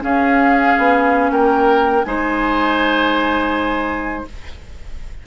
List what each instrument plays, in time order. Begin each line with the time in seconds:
0.00 clarinet C#4, bassoon C#4, oboe G#4, flute F5
0.78 bassoon B3
1.30 bassoon A#3, oboe A#4, flute G5
2.04 bassoon G#3, clarinet D#4, oboe C5, flute G#5